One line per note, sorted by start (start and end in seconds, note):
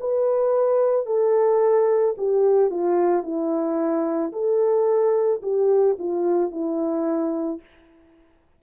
0.00 1.06 B4
1.06 2.15 A4
2.17 2.70 G4
2.70 3.23 F4
3.23 4.32 E4
4.32 5.41 A4
5.42 5.97 G4
5.99 6.51 F4
6.51 7.60 E4